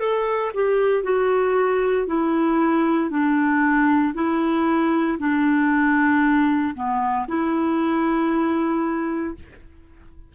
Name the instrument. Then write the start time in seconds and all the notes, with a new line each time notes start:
clarinet
0.00 A4
0.55 G4
1.04 F#4
2.07 E4
3.10 D4
4.15 E4
5.19 D4
6.75 B3
7.28 E4